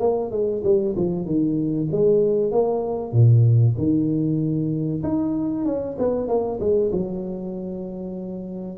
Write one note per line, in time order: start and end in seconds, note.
0.00 0.31 A#3
0.32 0.63 G#3
0.64 0.95 G3
0.97 1.26 F3
1.26 1.88 D#3
1.92 2.52 G#3
2.52 3.12 A#3
3.12 3.75 A#2
3.78 5.03 D#3
5.03 5.65 D#4
5.65 5.96 C#4
5.98 6.28 B3
6.28 6.59 A#3
6.60 6.91 G#3
6.92 8.78 F#3